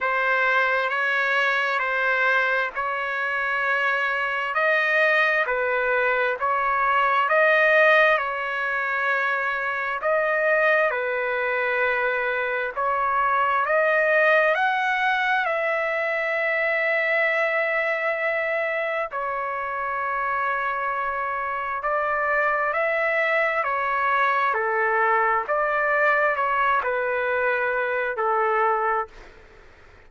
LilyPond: \new Staff \with { instrumentName = "trumpet" } { \time 4/4 \tempo 4 = 66 c''4 cis''4 c''4 cis''4~ | cis''4 dis''4 b'4 cis''4 | dis''4 cis''2 dis''4 | b'2 cis''4 dis''4 |
fis''4 e''2.~ | e''4 cis''2. | d''4 e''4 cis''4 a'4 | d''4 cis''8 b'4. a'4 | }